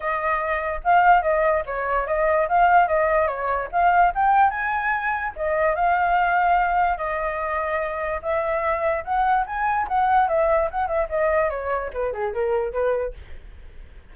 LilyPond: \new Staff \with { instrumentName = "flute" } { \time 4/4 \tempo 4 = 146 dis''2 f''4 dis''4 | cis''4 dis''4 f''4 dis''4 | cis''4 f''4 g''4 gis''4~ | gis''4 dis''4 f''2~ |
f''4 dis''2. | e''2 fis''4 gis''4 | fis''4 e''4 fis''8 e''8 dis''4 | cis''4 b'8 gis'8 ais'4 b'4 | }